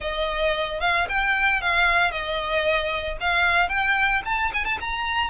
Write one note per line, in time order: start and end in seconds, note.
0.00 0.80 D#5
0.80 1.07 F5
1.08 1.61 G5
1.61 2.11 F5
2.11 3.17 D#5
3.20 3.68 F5
3.68 4.21 G5
4.25 4.51 A5
4.53 4.64 G#5
4.64 4.78 A5
4.80 5.30 A#5